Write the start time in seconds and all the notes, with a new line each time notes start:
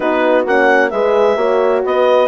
0.00 B3 D#4 F#4 B4
0.45 A#3 C#4 F#5
0.90 G#3 G#4 B4 E5
1.36 A#3 F#4 C#5
1.85 B3 B4 D#5